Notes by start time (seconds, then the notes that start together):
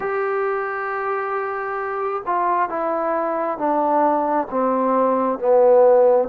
0.00 G4
2.26 F4
2.69 E4
3.57 D4
4.50 C4
5.39 B3